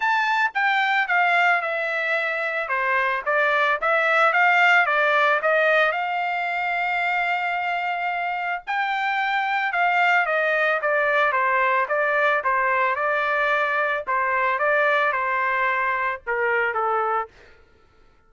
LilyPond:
\new Staff \with { instrumentName = "trumpet" } { \time 4/4 \tempo 4 = 111 a''4 g''4 f''4 e''4~ | e''4 c''4 d''4 e''4 | f''4 d''4 dis''4 f''4~ | f''1 |
g''2 f''4 dis''4 | d''4 c''4 d''4 c''4 | d''2 c''4 d''4 | c''2 ais'4 a'4 | }